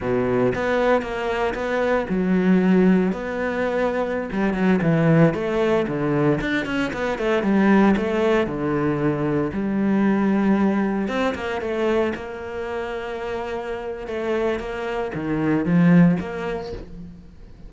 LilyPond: \new Staff \with { instrumentName = "cello" } { \time 4/4 \tempo 4 = 115 b,4 b4 ais4 b4 | fis2 b2~ | b16 g8 fis8 e4 a4 d8.~ | d16 d'8 cis'8 b8 a8 g4 a8.~ |
a16 d2 g4.~ g16~ | g4~ g16 c'8 ais8 a4 ais8.~ | ais2. a4 | ais4 dis4 f4 ais4 | }